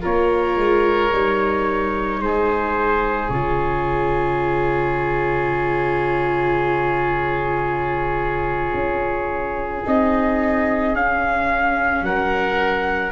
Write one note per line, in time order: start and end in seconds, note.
0.00 0.56 A#3
0.00 1.09 F4
0.00 2.19 A#4
0.00 2.21 C#5
0.56 1.11 G#3
1.12 2.20 G3
1.12 3.31 D#4
2.20 3.29 G#3
2.20 12.05 G#4
2.20 3.29 C5
3.29 8.73 C#3
3.29 9.84 F4
3.29 9.83 C#5
8.73 9.82 C#4
9.84 10.94 C4
9.84 10.93 D#4
9.84 10.95 D#5
10.94 12.01 C#4
10.94 13.12 C#4
10.94 12.04 F5
12.01 13.10 F#3
12.01 13.12 A#4
12.01 13.12 F#5